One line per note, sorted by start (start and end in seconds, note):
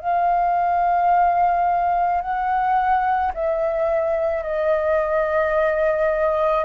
0.00 2.21 F5
2.21 3.32 F#5
3.34 4.43 E5
4.43 6.65 D#5